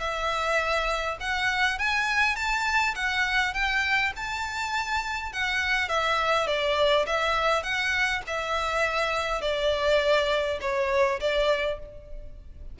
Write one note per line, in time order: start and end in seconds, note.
0.00 1.18 E5
1.20 1.79 F#5
1.79 2.36 G#5
2.36 2.95 A5
2.95 3.54 F#5
3.54 4.13 G5
4.16 5.33 A5
5.33 5.89 F#5
5.89 6.47 E5
6.47 7.06 D5
7.06 7.63 E5
7.63 8.22 F#5
8.27 9.41 E5
9.41 10.59 D5
10.61 11.20 C#5
11.20 11.79 D5